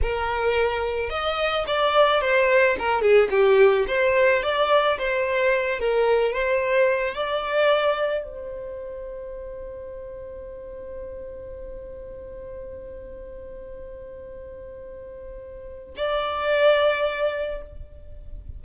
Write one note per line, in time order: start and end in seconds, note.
0.02 1.09 A#4
1.09 1.64 D#5
1.67 2.21 D5
2.21 2.76 C5
2.78 3.01 A#4
3.01 3.29 G#4
3.30 3.85 G4
3.87 4.42 C5
4.42 4.97 D5
4.98 5.79 C5
5.79 6.32 A#4
6.32 7.14 C5
7.14 8.23 D5
8.23 15.94 C5
15.97 17.62 D5